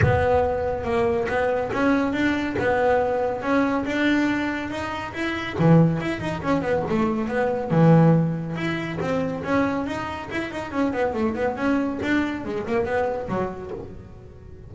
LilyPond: \new Staff \with { instrumentName = "double bass" } { \time 4/4 \tempo 4 = 140 b2 ais4 b4 | cis'4 d'4 b2 | cis'4 d'2 dis'4 | e'4 e4 e'8 dis'8 cis'8 b8 |
a4 b4 e2 | e'4 c'4 cis'4 dis'4 | e'8 dis'8 cis'8 b8 a8 b8 cis'4 | d'4 gis8 ais8 b4 fis4 | }